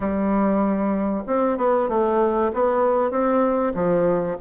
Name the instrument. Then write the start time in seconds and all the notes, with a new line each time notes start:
bassoon
0.00 G3
1.27 C4
1.57 B3
1.89 A3
2.53 B3
3.10 C4
3.74 F3